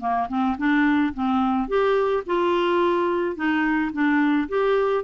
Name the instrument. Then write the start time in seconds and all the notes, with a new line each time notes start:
clarinet
0.00 A#3
0.29 C4
0.58 D4
1.14 C4
1.68 G4
2.26 F4
3.36 D#4
3.92 D4
4.48 G4